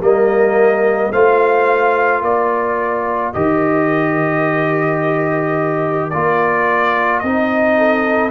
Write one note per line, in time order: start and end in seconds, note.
0.00 1.11 G3
0.00 1.12 A#3
0.00 1.11 A#4
0.00 1.12 D#5
1.11 2.22 A3
1.11 3.34 F4
1.11 2.22 C5
1.11 2.23 F5
2.22 3.33 A#3
2.22 7.77 A#4
2.22 3.33 D5
3.33 6.13 D#3
3.33 6.12 G4
3.33 6.09 D#5
6.09 7.23 A#3
6.09 7.24 F4
6.09 7.19 D5
7.19 8.30 C4
7.19 8.30 D#4
7.19 8.30 D#5
7.77 8.30 A4